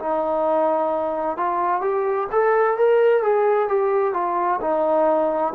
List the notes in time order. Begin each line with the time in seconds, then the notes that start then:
0.00 D#4
1.38 F4
1.82 G4
2.32 A4
2.78 A#4
3.23 G#4
3.69 G4
4.14 F4
4.62 D#4